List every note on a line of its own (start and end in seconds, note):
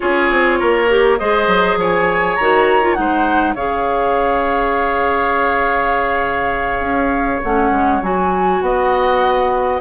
0.00 0.31 C#4
0.00 0.87 F4
0.00 0.59 G#4
0.00 1.18 C#5
0.31 0.60 C4
0.59 1.20 A#3
0.59 1.18 A#4
0.88 1.18 G4
1.18 1.47 G#3
1.18 2.38 G#4
1.18 1.78 C5
1.18 1.77 D#5
1.47 1.76 F#3
1.76 2.35 F3
1.76 2.98 C#5
1.76 2.35 G#5
2.35 2.97 D#3
2.35 2.82 F#4
2.35 2.93 A#5
2.82 2.95 F4
2.93 3.55 G#3
2.93 3.54 D#4
2.93 3.53 F#5
3.00 3.54 C5
3.54 6.79 C#3
3.54 7.42 G#4
3.54 8.59 C#5
3.54 7.41 F5
6.79 7.38 C#4
7.42 7.71 A3
7.42 8.02 C#4
7.42 8.01 F#5
7.71 8.00 G#3
8.02 8.61 F#3
8.02 9.80 F#4
8.02 8.61 G#5
8.61 9.79 B3
8.61 9.80 D#5
8.61 9.80 F#5